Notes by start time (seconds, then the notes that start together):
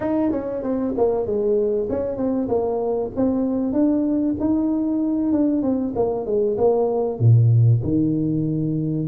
0.00 D#4
0.31 C#4
0.62 C4
0.97 A#3
1.26 G#3
1.89 C#4
2.16 C4
2.48 A#3
3.16 C4
3.72 D4
4.39 D#4
5.32 D4
5.62 C4
5.95 A#3
6.26 G#3
6.57 A#3
7.19 A#2
7.83 D#3